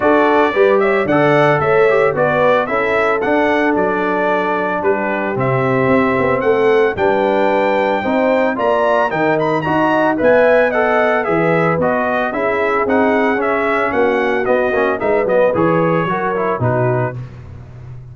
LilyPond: <<
  \new Staff \with { instrumentName = "trumpet" } { \time 4/4 \tempo 4 = 112 d''4. e''8 fis''4 e''4 | d''4 e''4 fis''4 d''4~ | d''4 b'4 e''2 | fis''4 g''2. |
ais''4 g''8 b''8 ais''4 gis''4 | fis''4 e''4 dis''4 e''4 | fis''4 e''4 fis''4 dis''4 | e''8 dis''8 cis''2 b'4 | }
  \new Staff \with { instrumentName = "horn" } { \time 4/4 a'4 b'8 cis''8 d''4 cis''4 | b'4 a'2.~ | a'4 g'2. | a'4 b'2 c''4 |
d''4 ais'4 dis''4 e''4 | dis''4 b'2 gis'4~ | gis'2 fis'2 | b'2 ais'4 fis'4 | }
  \new Staff \with { instrumentName = "trombone" } { \time 4/4 fis'4 g'4 a'4. g'8 | fis'4 e'4 d'2~ | d'2 c'2~ | c'4 d'2 dis'4 |
f'4 dis'4 fis'4 b'4 | a'4 gis'4 fis'4 e'4 | dis'4 cis'2 b8 cis'8 | dis'8 b8 gis'4 fis'8 e'8 dis'4 | }
  \new Staff \with { instrumentName = "tuba" } { \time 4/4 d'4 g4 d4 a4 | b4 cis'4 d'4 fis4~ | fis4 g4 c4 c'8 b8 | a4 g2 c'4 |
ais4 dis4 dis'4 b4~ | b4 e4 b4 cis'4 | c'4 cis'4 ais4 b8 ais8 | gis8 fis8 e4 fis4 b,4 | }
>>